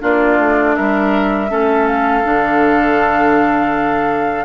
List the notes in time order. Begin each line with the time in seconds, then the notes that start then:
0.00 A#3 D4 F4 D5
0.38 A3
0.76 G3 A#4 E5
1.49 A3 C#4 A4
1.87 F5
2.24 D3 D4